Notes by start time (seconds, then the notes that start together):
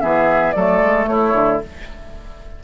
0.00 E3 B3 G#4 E5
0.51 F#3 A3 A4 D5
0.82 G#3
1.07 A3 E4 C#5
1.34 D3